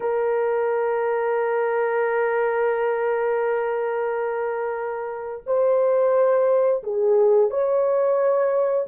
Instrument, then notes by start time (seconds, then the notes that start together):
horn
0.00 A#4
5.46 C5
6.83 G#4
7.50 C#5